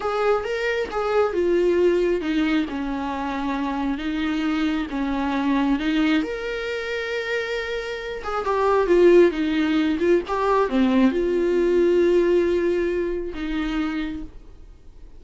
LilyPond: \new Staff \with { instrumentName = "viola" } { \time 4/4 \tempo 4 = 135 gis'4 ais'4 gis'4 f'4~ | f'4 dis'4 cis'2~ | cis'4 dis'2 cis'4~ | cis'4 dis'4 ais'2~ |
ais'2~ ais'8 gis'8 g'4 | f'4 dis'4. f'8 g'4 | c'4 f'2.~ | f'2 dis'2 | }